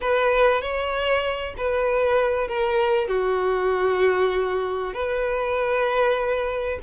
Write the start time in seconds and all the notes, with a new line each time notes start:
0.01 B4
0.61 C#5
1.57 B4
2.48 A#4
3.08 F#4
4.93 B4